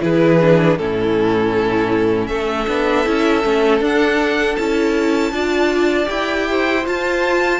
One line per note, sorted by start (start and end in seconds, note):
0.00 0.77 E3
0.00 0.38 E4
0.00 0.79 G#4
0.00 0.78 B4
0.41 0.79 D4
0.78 2.29 A2
0.78 2.67 C#4
0.78 2.29 E4
0.78 2.27 A4
2.27 2.67 A3
2.27 5.33 A4
2.27 3.79 E5
2.67 3.06 B3
2.67 3.05 D4
3.05 3.44 C#4
3.05 3.43 E4
3.43 3.81 A3
3.43 3.80 C#4
3.80 4.56 D4
3.80 4.57 D4
3.80 4.56 F#5
4.56 5.32 C#4
4.56 5.33 E4
4.56 6.08 A5
5.32 6.08 D4
5.32 6.06 F4
5.32 6.49 D5
6.06 6.86 E4
6.06 6.82 G4
6.06 6.86 G5
6.50 7.60 C5
6.85 7.60 F4
6.85 7.60 A5